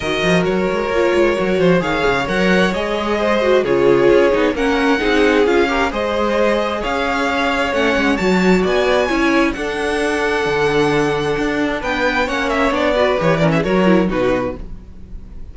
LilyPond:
<<
  \new Staff \with { instrumentName = "violin" } { \time 4/4 \tempo 4 = 132 dis''4 cis''2. | f''4 fis''4 dis''2 | cis''2 fis''2 | f''4 dis''2 f''4~ |
f''4 fis''4 a''4 gis''4~ | gis''4 fis''2.~ | fis''2 g''4 fis''8 e''8 | d''4 cis''8 d''16 e''16 cis''4 b'4 | }
  \new Staff \with { instrumentName = "violin" } { \time 4/4 ais'2.~ ais'8 c''8 | cis''2. c''4 | gis'2 ais'4 gis'4~ | gis'8 ais'8 c''2 cis''4~ |
cis''2. d''4 | cis''4 a'2.~ | a'2 b'4 cis''4~ | cis''8 b'4 ais'16 gis'16 ais'4 fis'4 | }
  \new Staff \with { instrumentName = "viola" } { \time 4/4 fis'2 f'4 fis'4 | gis'4 ais'4 gis'4. fis'8 | f'4. dis'8 cis'4 dis'4 | f'8 g'8 gis'2.~ |
gis'4 cis'4 fis'2 | e'4 d'2.~ | d'2. cis'4 | d'8 fis'8 g'8 cis'8 fis'8 e'8 dis'4 | }
  \new Staff \with { instrumentName = "cello" } { \time 4/4 dis8 f8 fis8 gis8 ais8 gis8 fis8 f8 | dis8 cis8 fis4 gis2 | cis4 cis'8 b8 ais4 c'4 | cis'4 gis2 cis'4~ |
cis'4 a8 gis8 fis4 b4 | cis'4 d'2 d4~ | d4 d'4 b4 ais4 | b4 e4 fis4 b,4 | }
>>